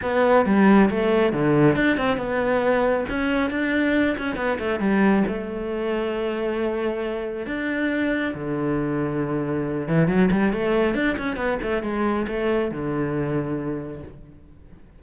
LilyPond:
\new Staff \with { instrumentName = "cello" } { \time 4/4 \tempo 4 = 137 b4 g4 a4 d4 | d'8 c'8 b2 cis'4 | d'4. cis'8 b8 a8 g4 | a1~ |
a4 d'2 d4~ | d2~ d8 e8 fis8 g8 | a4 d'8 cis'8 b8 a8 gis4 | a4 d2. | }